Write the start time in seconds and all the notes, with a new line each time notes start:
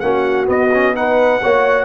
0.00 A#3 C#4 F#4 F#5
0.46 B3 D#5
0.74 C#4
0.96 D#4 B4 F#5
1.42 A#3 F#4 C#5